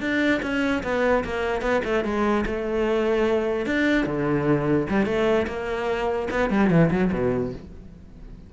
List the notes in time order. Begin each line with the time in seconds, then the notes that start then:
0.00 D4
0.42 C#4
0.83 B3
1.24 A#3
1.61 B3
1.84 A3
2.04 G#3
2.46 A3
3.66 D4
4.06 D3
4.89 G3
5.05 A3
5.47 A#3
6.30 B3
6.50 G3
6.69 E3
6.90 F#3
7.12 B2